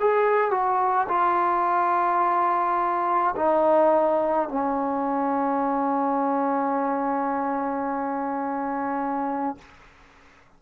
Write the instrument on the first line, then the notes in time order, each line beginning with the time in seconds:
trombone
0.00 G#4
0.51 F#4
1.09 F4
3.36 D#4
4.49 C#4